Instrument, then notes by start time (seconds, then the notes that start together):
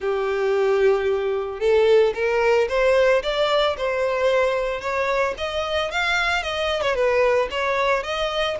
violin
0.00 G4
1.59 A4
2.14 A#4
2.69 C5
3.22 D5
3.77 C5
4.80 C#5
5.37 D#5
5.91 F5
6.42 D#5
6.81 C#5
6.94 B4
7.50 C#5
8.03 D#5